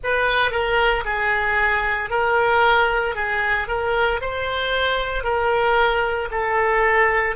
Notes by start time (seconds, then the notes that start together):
0.03 B4
0.51 A#4
1.04 G#4
2.10 A#4
3.15 G#4
3.67 A#4
4.21 C5
5.23 A#4
6.31 A4